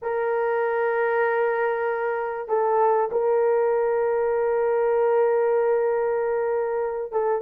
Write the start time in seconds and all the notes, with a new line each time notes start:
0.02 A#4
2.48 A4
3.11 A#4
7.12 A4